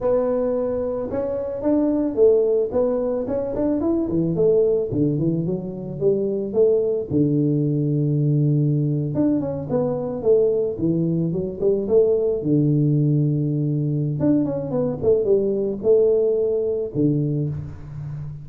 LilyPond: \new Staff \with { instrumentName = "tuba" } { \time 4/4 \tempo 4 = 110 b2 cis'4 d'4 | a4 b4 cis'8 d'8 e'8 e8 | a4 d8 e8 fis4 g4 | a4 d2.~ |
d8. d'8 cis'8 b4 a4 e16~ | e8. fis8 g8 a4 d4~ d16~ | d2 d'8 cis'8 b8 a8 | g4 a2 d4 | }